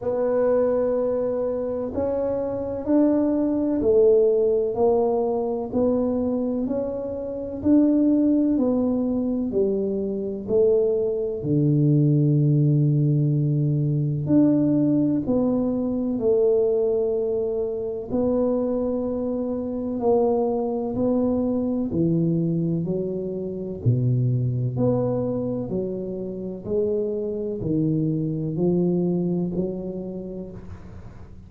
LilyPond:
\new Staff \with { instrumentName = "tuba" } { \time 4/4 \tempo 4 = 63 b2 cis'4 d'4 | a4 ais4 b4 cis'4 | d'4 b4 g4 a4 | d2. d'4 |
b4 a2 b4~ | b4 ais4 b4 e4 | fis4 b,4 b4 fis4 | gis4 dis4 f4 fis4 | }